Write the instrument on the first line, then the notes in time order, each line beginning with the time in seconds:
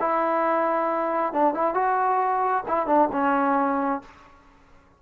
trombone
0.00 E4
1.33 D4
1.54 E4
1.74 F#4
2.68 E4
2.87 D4
3.12 C#4